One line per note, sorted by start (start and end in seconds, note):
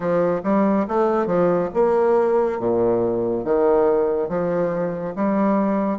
0.00 0.41 F3
0.43 0.86 G3
0.88 1.26 A3
1.26 1.69 F3
1.74 2.59 A#3
2.59 3.44 A#2
3.44 4.29 D#3
4.29 5.14 F3
5.15 5.98 G3